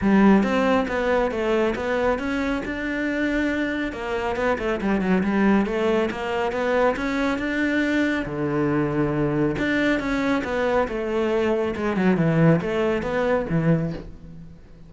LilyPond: \new Staff \with { instrumentName = "cello" } { \time 4/4 \tempo 4 = 138 g4 c'4 b4 a4 | b4 cis'4 d'2~ | d'4 ais4 b8 a8 g8 fis8 | g4 a4 ais4 b4 |
cis'4 d'2 d4~ | d2 d'4 cis'4 | b4 a2 gis8 fis8 | e4 a4 b4 e4 | }